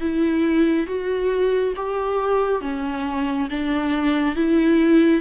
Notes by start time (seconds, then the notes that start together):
0.00 E4
0.86 F#4
1.75 G4
2.61 C#4
3.49 D4
4.36 E4